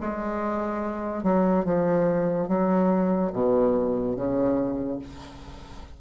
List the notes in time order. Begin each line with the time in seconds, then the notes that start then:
0.00 G#3
1.23 F#3
1.64 F3
2.48 F#3
3.33 B2
4.16 C#3